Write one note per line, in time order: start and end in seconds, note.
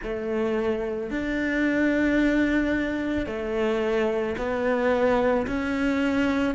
0.03 1.10 A3
1.10 3.26 D4
3.26 4.35 A3
4.37 5.46 B3
5.46 6.55 C#4